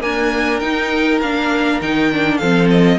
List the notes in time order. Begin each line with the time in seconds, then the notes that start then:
0.00 A#3 D4 A#4 G#5
0.59 D#4 G5
1.21 A#3 D4 F5
1.81 D#3 D#4 G5
2.12 D4
2.37 F3 C4 A4 F5
2.70 D#5